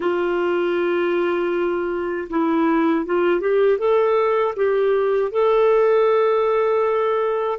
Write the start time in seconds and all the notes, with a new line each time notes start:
0.00 F4
2.29 E4
3.06 F4
3.40 G4
3.78 A4
4.56 G4
5.31 A4